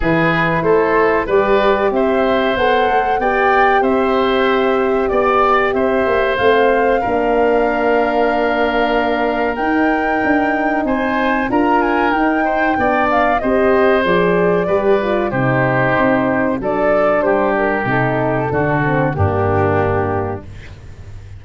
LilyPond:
<<
  \new Staff \with { instrumentName = "flute" } { \time 4/4 \tempo 4 = 94 b'4 c''4 d''4 e''4 | fis''4 g''4 e''2 | d''4 e''4 f''2~ | f''2. g''4~ |
g''4 gis''4 ais''8 gis''8 g''4~ | g''8 f''8 dis''4 d''2 | c''2 d''4 c''8 ais'8 | a'2 g'2 | }
  \new Staff \with { instrumentName = "oboe" } { \time 4/4 gis'4 a'4 b'4 c''4~ | c''4 d''4 c''2 | d''4 c''2 ais'4~ | ais'1~ |
ais'4 c''4 ais'4. c''8 | d''4 c''2 b'4 | g'2 a'4 g'4~ | g'4 fis'4 d'2 | }
  \new Staff \with { instrumentName = "horn" } { \time 4/4 e'2 g'2 | a'4 g'2.~ | g'2 c'4 d'4~ | d'2. dis'4~ |
dis'2 f'4 dis'4 | d'4 g'4 gis'4 g'8 f'8 | dis'2 d'2 | dis'4 d'8 c'8 ais2 | }
  \new Staff \with { instrumentName = "tuba" } { \time 4/4 e4 a4 g4 c'4 | b8 a8 b4 c'2 | b4 c'8 ais8 a4 ais4~ | ais2. dis'4 |
d'4 c'4 d'4 dis'4 | b4 c'4 f4 g4 | c4 c'4 fis4 g4 | c4 d4 g,2 | }
>>